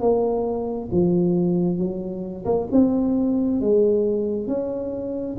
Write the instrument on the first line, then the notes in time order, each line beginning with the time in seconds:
tuba
0.00 A#3
0.92 F3
1.78 F#3
2.46 A#3
2.72 C4
3.61 G#3
4.47 C#4